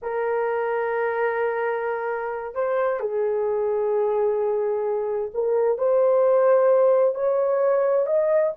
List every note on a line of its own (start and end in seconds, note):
0.01 2.54 A#4
2.54 3.00 C5
3.00 5.31 G#4
5.34 5.78 A#4
5.78 7.14 C5
7.14 8.06 C#5
8.06 8.52 D#5